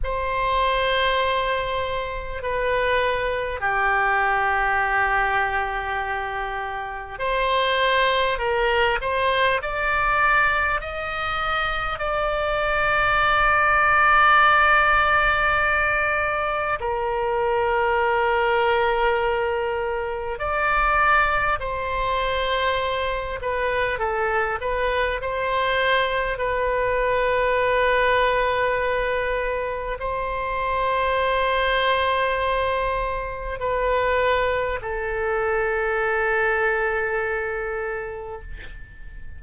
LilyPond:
\new Staff \with { instrumentName = "oboe" } { \time 4/4 \tempo 4 = 50 c''2 b'4 g'4~ | g'2 c''4 ais'8 c''8 | d''4 dis''4 d''2~ | d''2 ais'2~ |
ais'4 d''4 c''4. b'8 | a'8 b'8 c''4 b'2~ | b'4 c''2. | b'4 a'2. | }